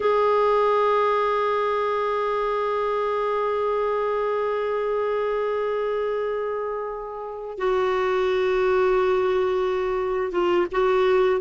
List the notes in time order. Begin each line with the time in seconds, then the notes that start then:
0.00 G#4
7.57 F#4
10.32 F4
10.71 F#4